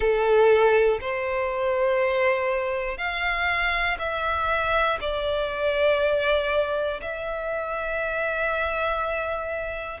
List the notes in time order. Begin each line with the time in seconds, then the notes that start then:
0.00 A4
1.00 C5
2.97 F5
3.98 E5
5.00 D5
7.01 E5